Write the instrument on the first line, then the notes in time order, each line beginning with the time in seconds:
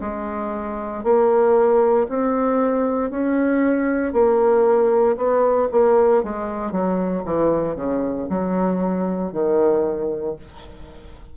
bassoon
0.00 G#3
1.03 A#3
2.08 C4
3.10 C#4
4.12 A#3
5.16 B3
5.71 A#3
6.23 G#3
6.71 F#3
7.25 E3
7.75 C#3
8.29 F#3
9.32 D#3